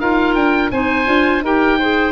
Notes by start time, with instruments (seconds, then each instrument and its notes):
0.00 tuba D#4, clarinet F4, oboe A#4 F5
0.35 tuba D4, oboe G5
0.71 tuba C4, clarinet D#4, oboe C5 G#5
1.06 tuba D4, clarinet F4
1.42 tuba D#4, clarinet G4, oboe A#4 G5
1.79 clarinet G#4, oboe C5